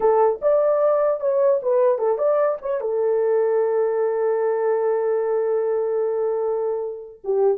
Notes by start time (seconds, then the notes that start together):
0.00 A4
0.41 D5
1.20 C#5
1.62 B4
1.98 A4
2.17 D5
2.61 C#5
2.80 A4
7.24 G4